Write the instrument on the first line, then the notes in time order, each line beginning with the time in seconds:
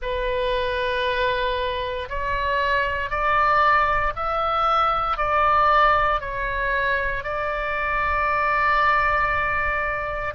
oboe
0.01 B4
2.09 C#5
3.09 D5
4.15 E5
5.17 D5
6.20 C#5
7.23 D5